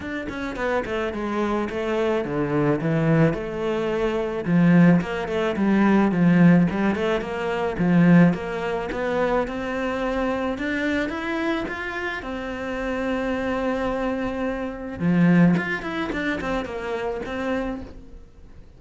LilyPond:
\new Staff \with { instrumentName = "cello" } { \time 4/4 \tempo 4 = 108 d'8 cis'8 b8 a8 gis4 a4 | d4 e4 a2 | f4 ais8 a8 g4 f4 | g8 a8 ais4 f4 ais4 |
b4 c'2 d'4 | e'4 f'4 c'2~ | c'2. f4 | f'8 e'8 d'8 c'8 ais4 c'4 | }